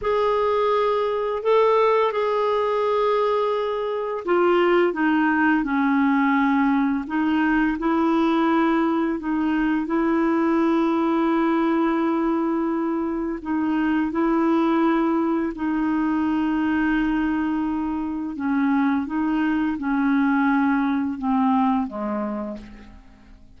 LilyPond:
\new Staff \with { instrumentName = "clarinet" } { \time 4/4 \tempo 4 = 85 gis'2 a'4 gis'4~ | gis'2 f'4 dis'4 | cis'2 dis'4 e'4~ | e'4 dis'4 e'2~ |
e'2. dis'4 | e'2 dis'2~ | dis'2 cis'4 dis'4 | cis'2 c'4 gis4 | }